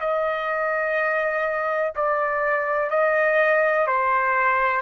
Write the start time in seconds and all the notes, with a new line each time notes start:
0.00 D#5
1.95 D5
2.90 D#5
3.87 C5